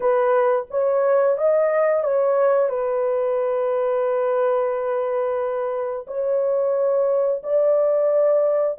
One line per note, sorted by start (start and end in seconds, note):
0.00 0.66 B4
0.70 1.37 C#5
1.37 2.03 D#5
2.03 2.69 C#5
2.69 6.06 B4
6.07 7.42 C#5
7.43 8.78 D5